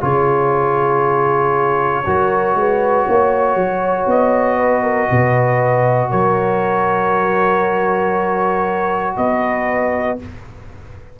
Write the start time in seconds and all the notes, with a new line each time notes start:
0.00 C#3 F4 G#4 C#5
2.06 F#3 F#4 A#4
2.54 G#3 B4
3.06 A#3 C#5
3.54 F#3
4.06 B3 D#5
4.57 B4
4.82 A#4
5.08 B2 B4
6.10 F#3 A#4 C#5
9.17 B3 B4 D#5